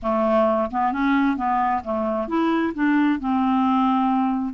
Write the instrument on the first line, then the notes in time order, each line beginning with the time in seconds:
clarinet
0.02 A3
0.70 B3
0.92 C#4
1.36 B3
1.84 A3
2.27 E4
2.74 D4
3.19 C4